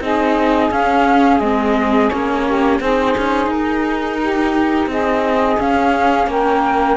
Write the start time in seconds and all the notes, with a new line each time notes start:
0.00 C4 D#4 G#4 D#5
0.71 C#4 F5
1.39 G#3 C4 D#5
2.09 A#3 C#4 C#5
2.46 G4
2.80 C4 D#4 G#4 C5
3.17 C#4
3.46 D#4 A#4
4.20 G4
4.86 C4 G#4 D#5
5.58 C#4 F5
6.27 A#3 A#4 G5